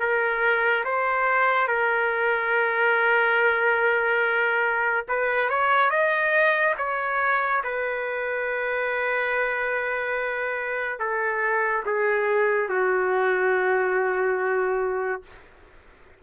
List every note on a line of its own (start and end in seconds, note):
0.00 0.85 A#4
0.85 1.68 C5
1.68 5.06 A#4
5.08 5.50 B4
5.50 5.90 C#5
5.90 6.75 D#5
6.78 7.63 C#5
7.64 10.99 B4
10.99 11.84 A4
11.86 12.69 G#4
12.69 15.23 F#4